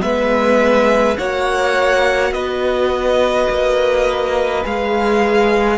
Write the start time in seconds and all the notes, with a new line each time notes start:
0.00 G#3 B3 B4 E5
1.18 A#3 F#4 C#5 F#5
2.32 B3 B4 D#5
3.49 A#3
4.63 G#3 G#4 F5